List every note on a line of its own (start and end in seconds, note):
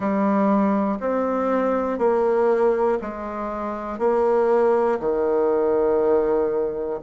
0.00 0.99 G3
1.00 1.98 C4
1.98 2.98 A#3
3.01 3.98 G#3
3.98 4.98 A#3
4.99 6.99 D#3